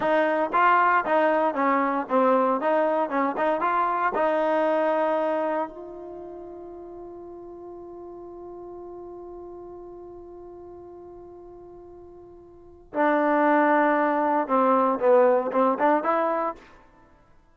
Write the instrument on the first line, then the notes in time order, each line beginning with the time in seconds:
trombone
0.00 D#4
0.52 F4
1.05 D#4
1.54 C#4
2.09 C4
2.61 D#4
3.09 C#4
3.37 D#4
3.61 F4
4.14 D#4
5.68 F4
12.93 D4
14.47 C4
14.99 B3
15.52 C4
15.78 D4
16.03 E4